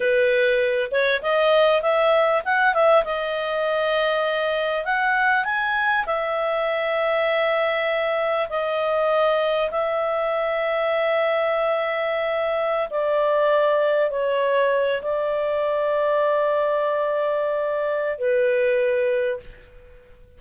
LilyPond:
\new Staff \with { instrumentName = "clarinet" } { \time 4/4 \tempo 4 = 99 b'4. cis''8 dis''4 e''4 | fis''8 e''8 dis''2. | fis''4 gis''4 e''2~ | e''2 dis''2 |
e''1~ | e''4~ e''16 d''2 cis''8.~ | cis''8. d''2.~ d''16~ | d''2 b'2 | }